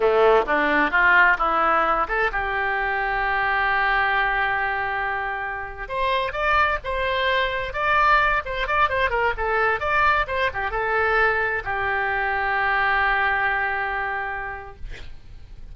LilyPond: \new Staff \with { instrumentName = "oboe" } { \time 4/4 \tempo 4 = 130 a4 d'4 f'4 e'4~ | e'8 a'8 g'2.~ | g'1~ | g'8. c''4 d''4 c''4~ c''16~ |
c''8. d''4. c''8 d''8 c''8 ais'16~ | ais'16 a'4 d''4 c''8 g'8 a'8.~ | a'4~ a'16 g'2~ g'8.~ | g'1 | }